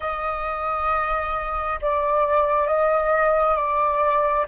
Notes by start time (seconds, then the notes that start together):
0.00 D#5
1.81 D5
2.67 D#5
3.56 D5